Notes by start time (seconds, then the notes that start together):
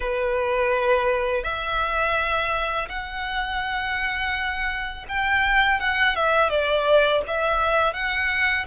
0.00 B4
1.43 E5
2.88 F#5
5.08 G5
5.80 F#5
6.15 E5
6.49 D5
7.27 E5
7.93 F#5